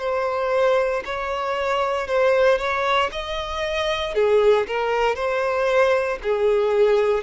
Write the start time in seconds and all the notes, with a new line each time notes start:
0.00 C5
1.05 C#5
2.08 C5
2.59 C#5
3.12 D#5
4.15 G#4
4.67 A#4
5.16 C5
6.23 G#4